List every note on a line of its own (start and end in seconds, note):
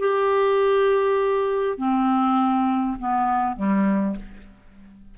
0.00 1.78 G4
1.78 2.98 C4
2.99 3.57 B3
3.57 4.17 G3